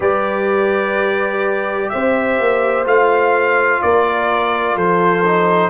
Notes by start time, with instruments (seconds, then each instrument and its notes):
0.00 tuba G3, trombone G4, horn B4, trumpet D5
1.89 tuba C4, horn C5, trumpet E5
2.39 tuba A#3
2.85 tuba A3, trombone F4, trumpet F5
3.82 tuba A#3, horn A#4, trumpet D5
4.75 tuba F3, horn A4, trumpet C5
5.24 trombone D#4